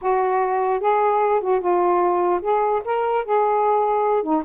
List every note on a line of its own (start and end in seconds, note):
0.01 0.79 F#4
0.79 1.40 G#4
1.40 1.60 F#4
1.60 2.41 F4
2.41 2.82 G#4
2.84 3.24 A#4
3.24 4.22 G#4
4.22 4.43 D#4